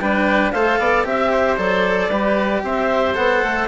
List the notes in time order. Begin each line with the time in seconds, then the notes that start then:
0.00 G3 D4 B4 G5
0.52 A3 A4 C5 F5
0.79 B3 D5
1.05 C4 G4 E5
1.32 C5
1.58 F#3 A4 D5
2.09 G3 G4 B4
2.64 C4 C5 E5
3.15 B3 A4 F#5
3.43 A3